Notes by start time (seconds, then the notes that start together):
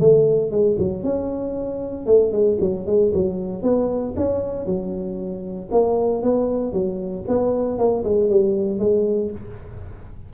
0.00 A3
0.51 G#3
0.79 F#3
1.03 C#4
2.06 A3
2.32 G#3
2.61 F#3
2.86 G#3
3.14 F#3
3.63 B3
4.17 C#4
4.66 F#3
5.72 A#3
6.23 B3
6.73 F#3
7.28 B3
7.78 A#3
8.04 G#3
8.30 G3
8.79 G#3